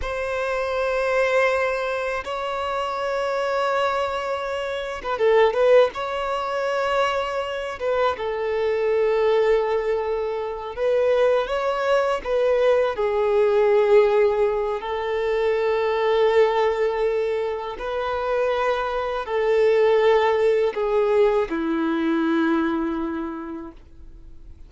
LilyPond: \new Staff \with { instrumentName = "violin" } { \time 4/4 \tempo 4 = 81 c''2. cis''4~ | cis''2~ cis''8. b'16 a'8 b'8 | cis''2~ cis''8 b'8 a'4~ | a'2~ a'8 b'4 cis''8~ |
cis''8 b'4 gis'2~ gis'8 | a'1 | b'2 a'2 | gis'4 e'2. | }